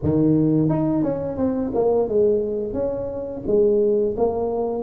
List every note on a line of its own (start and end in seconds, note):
0.03 0.69 D#3
0.69 1.03 D#4
1.03 1.37 C#4
1.37 1.71 C4
1.74 2.08 A#3
2.08 2.73 G#3
2.73 3.42 C#4
3.46 4.15 G#3
4.17 4.82 A#3